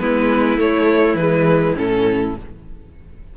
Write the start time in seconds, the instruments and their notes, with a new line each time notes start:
0.00 cello G#3, viola B3, violin E4 B4
0.58 viola A3, cello A3, violin C#5
1.15 cello E3, viola G#3, violin B4
1.77 cello A2, viola C#4, violin A4